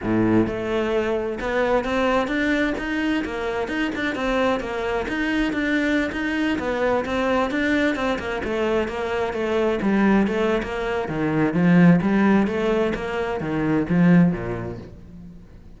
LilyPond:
\new Staff \with { instrumentName = "cello" } { \time 4/4 \tempo 4 = 130 a,4 a2 b4 | c'4 d'4 dis'4 ais4 | dis'8 d'8 c'4 ais4 dis'4 | d'4~ d'16 dis'4 b4 c'8.~ |
c'16 d'4 c'8 ais8 a4 ais8.~ | ais16 a4 g4 a8. ais4 | dis4 f4 g4 a4 | ais4 dis4 f4 ais,4 | }